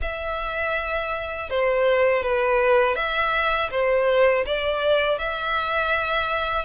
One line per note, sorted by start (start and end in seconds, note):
0.01 1.49 E5
1.49 2.23 C5
2.23 2.95 B4
2.95 3.69 E5
3.70 4.44 C5
4.45 5.18 D5
5.18 6.65 E5